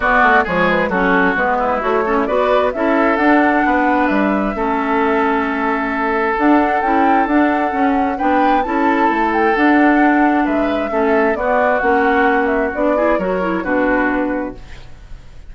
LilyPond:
<<
  \new Staff \with { instrumentName = "flute" } { \time 4/4 \tempo 4 = 132 d''4 cis''8 b'8 a'4 b'4 | cis''4 d''4 e''4 fis''4~ | fis''4 e''2.~ | e''2 fis''4 g''4 |
fis''2 g''4 a''4~ | a''8 g''8 fis''2 e''4~ | e''4 d''4 fis''4. e''8 | d''4 cis''4 b'2 | }
  \new Staff \with { instrumentName = "oboe" } { \time 4/4 fis'4 gis'4 fis'4. e'8~ | e'8 a'16 e'16 b'4 a'2 | b'2 a'2~ | a'1~ |
a'2 b'4 a'4~ | a'2. b'4 | a'4 fis'2.~ | fis'8 gis'8 ais'4 fis'2 | }
  \new Staff \with { instrumentName = "clarinet" } { \time 4/4 b4 gis4 cis'4 b4 | fis'8 cis'8 fis'4 e'4 d'4~ | d'2 cis'2~ | cis'2 d'4 e'4 |
d'4 cis'4 d'4 e'4~ | e'4 d'2. | cis'4 b4 cis'2 | d'8 e'8 fis'8 e'8 d'2 | }
  \new Staff \with { instrumentName = "bassoon" } { \time 4/4 b8 a8 f4 fis4 gis4 | a4 b4 cis'4 d'4 | b4 g4 a2~ | a2 d'4 cis'4 |
d'4 cis'4 b4 cis'4 | a4 d'2 gis4 | a4 b4 ais2 | b4 fis4 b,2 | }
>>